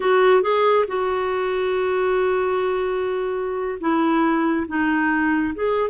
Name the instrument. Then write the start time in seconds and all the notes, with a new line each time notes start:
clarinet
0.00 F#4
0.42 G#4
0.87 F#4
3.80 E4
4.67 D#4
5.54 G#4